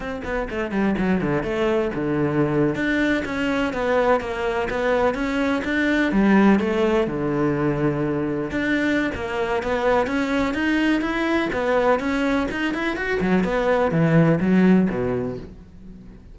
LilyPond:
\new Staff \with { instrumentName = "cello" } { \time 4/4 \tempo 4 = 125 c'8 b8 a8 g8 fis8 d8 a4 | d4.~ d16 d'4 cis'4 b16~ | b8. ais4 b4 cis'4 d'16~ | d'8. g4 a4 d4~ d16~ |
d4.~ d16 d'4~ d'16 ais4 | b4 cis'4 dis'4 e'4 | b4 cis'4 dis'8 e'8 fis'8 fis8 | b4 e4 fis4 b,4 | }